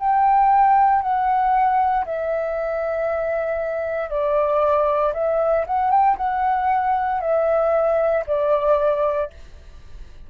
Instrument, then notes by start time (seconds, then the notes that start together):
flute
0.00 G5
1.02 F#5
2.06 E5
4.10 D5
5.14 E5
5.67 F#5
5.91 G5
6.17 F#5
7.21 E5
8.27 D5